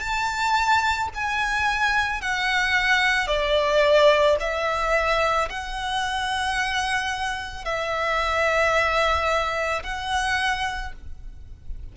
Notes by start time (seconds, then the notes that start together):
0.00 A5
1.15 G#5
2.21 F#5
3.27 D5
4.40 E5
5.49 F#5
7.65 E5
9.83 F#5